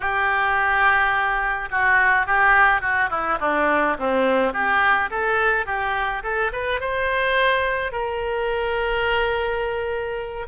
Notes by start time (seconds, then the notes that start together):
0.00 G4
1.71 F#4
2.26 G4
2.81 F#4
3.10 E4
3.40 D4
3.98 C4
4.53 G4
5.10 A4
5.66 G4
6.23 A4
6.52 B4
6.80 C5
7.91 A#4